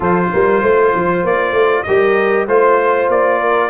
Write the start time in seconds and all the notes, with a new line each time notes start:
0.00 F3 F4 A4 C5
0.32 G3 A#4
0.62 A3 C5
0.94 F3
1.23 A#3 D5
1.51 A3
1.83 G3 G4 A#4 D#5
2.47 A3 F4 C5
3.08 A#3 D5
3.39 A#4